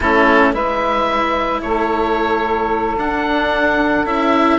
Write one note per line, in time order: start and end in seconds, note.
0.00 0.53 A3
0.00 0.52 C#4
0.00 0.52 E4
0.00 0.53 A4
0.52 1.61 G#3
0.52 2.95 E4
0.52 1.61 B4
0.52 1.61 E5
1.61 2.97 A3
1.61 4.59 A4
1.61 2.96 C#5
2.97 4.05 D4
2.97 4.06 F#5
4.05 4.59 C#4
4.05 4.59 E4
4.05 4.59 E5